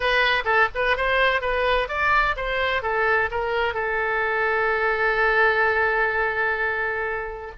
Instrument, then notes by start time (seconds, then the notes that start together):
oboe
0.00 B4
0.44 A4
0.74 B4
0.96 C5
1.41 B4
1.88 D5
2.36 C5
2.82 A4
3.30 A#4
3.73 A4